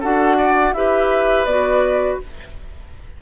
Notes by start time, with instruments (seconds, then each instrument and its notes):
0.00 bassoon D4, clarinet F#4, oboe A4, flute F#5
0.37 oboe D5
0.72 bassoon E4, clarinet G4, oboe B4, flute E5
1.45 bassoon B3, clarinet F#4, flute D5